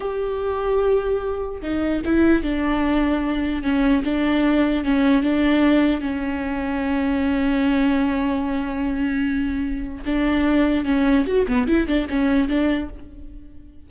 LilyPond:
\new Staff \with { instrumentName = "viola" } { \time 4/4 \tempo 4 = 149 g'1 | dis'4 e'4 d'2~ | d'4 cis'4 d'2 | cis'4 d'2 cis'4~ |
cis'1~ | cis'1~ | cis'4 d'2 cis'4 | fis'8 b8 e'8 d'8 cis'4 d'4 | }